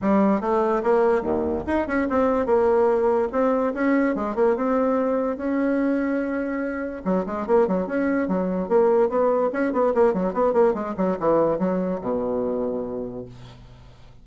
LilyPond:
\new Staff \with { instrumentName = "bassoon" } { \time 4/4 \tempo 4 = 145 g4 a4 ais4 dis,4 | dis'8 cis'8 c'4 ais2 | c'4 cis'4 gis8 ais8 c'4~ | c'4 cis'2.~ |
cis'4 fis8 gis8 ais8 fis8 cis'4 | fis4 ais4 b4 cis'8 b8 | ais8 fis8 b8 ais8 gis8 fis8 e4 | fis4 b,2. | }